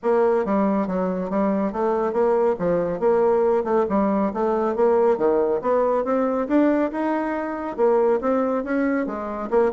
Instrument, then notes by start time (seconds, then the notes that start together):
bassoon
0.02 A#3
0.45 G3
0.87 F#3
1.29 G3
1.72 A3
2.12 A#3
2.59 F3
2.99 A#3
3.64 A3
3.89 G3
4.33 A3
4.75 A#3
5.17 D#3
5.61 B3
6.04 C4
6.47 D4
6.91 D#4
7.76 A#3
8.20 C4
8.64 C#4
9.06 G#3
9.50 A#3